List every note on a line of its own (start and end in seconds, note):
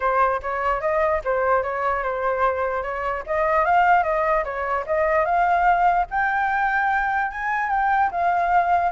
0.00 0.41 C5
0.42 0.80 C#5
0.80 1.21 D#5
1.24 1.63 C5
1.63 2.03 C#5
2.03 2.82 C5
2.82 3.23 C#5
3.26 3.65 D#5
3.65 4.03 F5
4.03 4.43 D#5
4.44 4.84 C#5
4.86 5.25 D#5
5.25 6.06 F5
6.10 7.31 G5
7.31 7.69 G#5
7.69 8.10 G5
8.11 8.91 F5